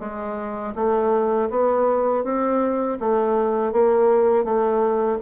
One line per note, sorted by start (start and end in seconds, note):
0.00 0.74 G#3
0.76 1.50 A3
1.51 2.24 B3
2.24 2.98 C4
3.00 3.73 A3
3.73 4.45 A#3
4.45 5.19 A3